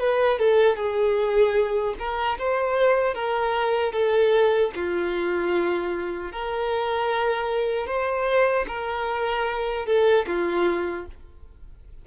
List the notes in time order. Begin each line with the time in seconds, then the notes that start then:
0.00 B4
0.39 A4
0.77 G#4
1.99 A#4
2.39 C5
3.15 A#4
3.93 A4
4.75 F4
6.32 A#4
7.87 C5
8.68 A#4
9.86 A4
10.27 F4